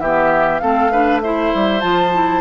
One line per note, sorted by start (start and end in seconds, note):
0.00 0.61 E3
0.00 0.61 B3
0.00 0.62 G4
0.00 0.59 E5
0.59 1.53 A3
0.59 0.91 C4
0.59 0.92 A4
0.59 1.20 F5
0.92 1.23 D4
0.92 1.22 B4
1.20 1.81 E4
1.20 2.42 C5
1.20 1.81 E5
1.55 1.83 G3
1.81 2.42 F3
1.81 2.11 F4
1.81 2.42 A5
2.13 2.42 E4